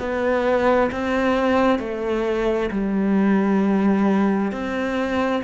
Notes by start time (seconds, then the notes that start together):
0.00 B3
0.92 C4
1.80 A3
2.71 G3
4.52 C4